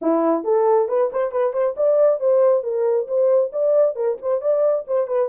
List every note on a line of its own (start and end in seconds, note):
0.01 0.44 E4
0.44 0.88 A4
0.88 1.10 B4
1.12 1.31 C5
1.31 1.53 B4
1.53 1.75 C5
1.76 2.20 D5
2.20 2.63 C5
2.63 3.07 A#4
3.07 3.51 C5
3.52 3.95 D5
3.95 4.17 A#4
4.21 4.41 C5
4.41 4.85 D5
4.87 5.07 C5
5.07 5.28 B4